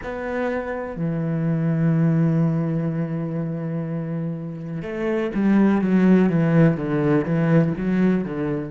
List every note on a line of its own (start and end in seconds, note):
0.03 0.96 B3
0.96 4.82 E3
4.82 5.30 A3
5.34 5.81 G3
5.81 6.29 F#3
6.29 6.77 E3
6.77 7.24 D3
7.24 7.73 E3
7.77 8.23 F#3
8.23 8.71 D3